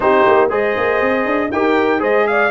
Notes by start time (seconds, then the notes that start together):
0.00 C4 D#4 G4 C5
0.26 A#3
0.49 G#3 G#4 C5 D#5
0.77 A#3
1.01 C4
1.25 D4
1.51 D#4 G4 A#4 G5
1.99 G#3 G#4 C5 D#5
2.27 D5 F5